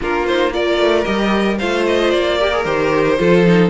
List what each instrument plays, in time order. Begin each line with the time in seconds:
0.01 cello A#3, viola D4, violin F4 A#4
0.26 viola D#4, violin C5
0.52 viola F4, violin A#4 D5
0.77 cello A3
1.04 cello G3, viola G4, violin D#5
1.58 cello A3, viola F4, violin C5 F5
1.87 violin D#5
2.11 cello A#3, violin D5
2.38 viola G4, violin A#4
2.52 viola G#4
2.64 cello D#3, viola G4, violin C5
3.18 cello F3, viola F4, violin A4
3.45 viola D#4